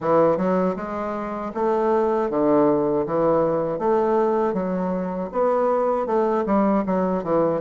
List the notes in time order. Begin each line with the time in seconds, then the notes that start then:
0.00 E3
0.37 F#3
0.76 G#3
1.54 A3
2.30 D3
3.06 E3
3.78 A3
4.53 F#3
5.32 B3
6.06 A3
6.46 G3
6.86 F#3
7.23 E3